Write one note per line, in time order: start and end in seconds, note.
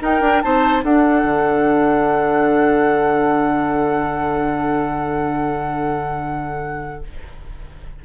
0.00 0.21 D#4
0.00 0.20 D#4
0.00 0.43 A#4
0.00 0.42 G5
0.20 0.41 D4
0.20 0.42 D4
0.42 0.83 C4
0.42 0.81 D#4
0.42 0.84 C5
0.42 0.83 A5
0.81 7.02 D4
0.81 1.23 D4
0.81 7.05 A4
0.81 7.04 F#5
1.23 7.02 D3